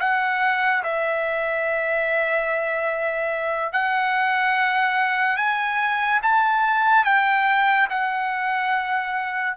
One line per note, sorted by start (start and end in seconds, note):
0.00 0.83 F#5
0.84 3.73 E5
3.73 5.37 F#5
5.37 6.20 G#5
6.23 7.05 A5
7.05 7.88 G5
7.90 9.57 F#5